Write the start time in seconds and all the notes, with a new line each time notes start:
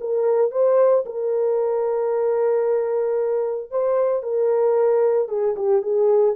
0.00 A#4
0.51 C5
1.05 A#4
3.70 C5
4.23 A#4
5.28 G#4
5.56 G4
5.82 G#4